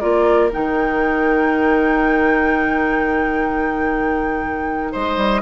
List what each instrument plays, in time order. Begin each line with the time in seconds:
0.00 bassoon A#3, clarinet F4, oboe A#4, flute D5
0.52 bassoon D#3, clarinet D#4, flute G5
4.91 bassoon G#3, oboe C5, flute D#5
5.16 bassoon G3